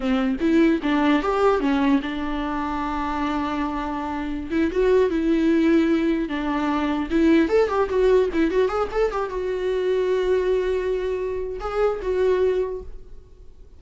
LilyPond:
\new Staff \with { instrumentName = "viola" } { \time 4/4 \tempo 4 = 150 c'4 e'4 d'4 g'4 | cis'4 d'2.~ | d'2.~ d'16 e'8 fis'16~ | fis'8. e'2. d'16~ |
d'4.~ d'16 e'4 a'8 g'8 fis'16~ | fis'8. e'8 fis'8 gis'8 a'8 g'8 fis'8.~ | fis'1~ | fis'4 gis'4 fis'2 | }